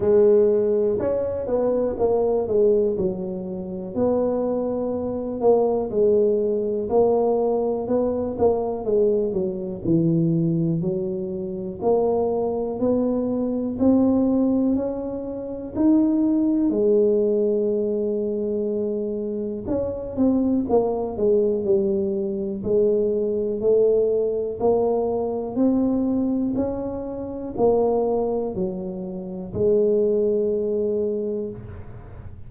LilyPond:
\new Staff \with { instrumentName = "tuba" } { \time 4/4 \tempo 4 = 61 gis4 cis'8 b8 ais8 gis8 fis4 | b4. ais8 gis4 ais4 | b8 ais8 gis8 fis8 e4 fis4 | ais4 b4 c'4 cis'4 |
dis'4 gis2. | cis'8 c'8 ais8 gis8 g4 gis4 | a4 ais4 c'4 cis'4 | ais4 fis4 gis2 | }